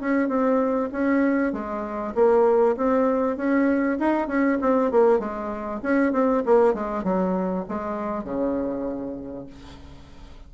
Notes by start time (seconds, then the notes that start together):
0.00 C#4
0.28 C4
0.92 C#4
1.53 G#3
2.15 A#3
2.76 C4
3.36 C#4
3.99 D#4
4.27 C#4
4.61 C4
4.91 A#3
5.19 G#3
5.82 C#4
6.12 C4
6.45 A#3
6.74 G#3
7.04 F#3
7.68 G#3
8.24 C#3